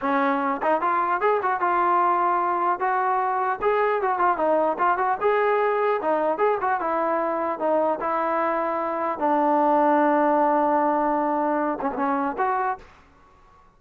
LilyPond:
\new Staff \with { instrumentName = "trombone" } { \time 4/4 \tempo 4 = 150 cis'4. dis'8 f'4 gis'8 fis'8 | f'2. fis'4~ | fis'4 gis'4 fis'8 f'8 dis'4 | f'8 fis'8 gis'2 dis'4 |
gis'8 fis'8 e'2 dis'4 | e'2. d'4~ | d'1~ | d'4. cis'16 b16 cis'4 fis'4 | }